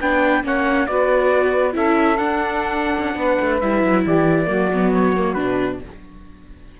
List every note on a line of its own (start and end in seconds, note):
0.00 0.43 B3
0.00 0.43 D4
0.00 0.44 B4
0.00 0.44 G5
0.43 0.87 A#3
0.43 0.87 C#4
0.43 0.88 C#5
0.43 0.87 F#5
0.87 1.75 B3
0.87 1.73 F#4
0.87 1.74 B4
0.87 1.74 D5
1.73 2.18 C#4
1.73 2.16 E4
1.73 3.17 A4
1.73 2.17 E5
2.17 2.95 D4
2.17 3.61 D4
2.17 3.59 F#5
2.98 3.15 C#4
3.15 3.37 B3
3.15 4.04 B4
3.40 3.62 A3
3.60 3.83 G3
3.60 4.46 E4
3.60 4.04 E5
3.83 4.05 F#3
4.04 4.48 E3
4.04 4.46 G4
4.04 4.93 D5
4.46 5.36 F#3
4.46 4.68 A#3
4.46 5.78 F#4
4.74 5.17 B3
4.93 5.33 C#5
5.17 5.36 A#3
5.33 5.80 B2
5.33 5.79 D4
5.33 5.77 B4